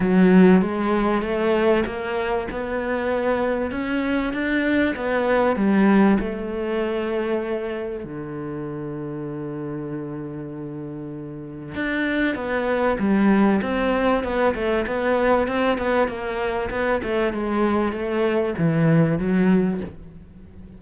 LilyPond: \new Staff \with { instrumentName = "cello" } { \time 4/4 \tempo 4 = 97 fis4 gis4 a4 ais4 | b2 cis'4 d'4 | b4 g4 a2~ | a4 d2.~ |
d2. d'4 | b4 g4 c'4 b8 a8 | b4 c'8 b8 ais4 b8 a8 | gis4 a4 e4 fis4 | }